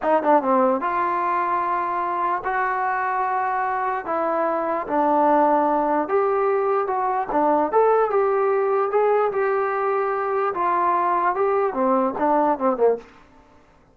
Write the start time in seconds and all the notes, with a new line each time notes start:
0.02 D#4
0.22 D4
0.42 C4
0.80 F4
2.44 F#4
4.05 E4
4.87 D4
6.08 G4
6.87 F#4
7.31 D4
7.72 A4
8.10 G4
8.91 G#4
9.32 G4
10.54 F4
11.35 G4
11.73 C4
12.18 D4
12.58 C4
12.76 A#3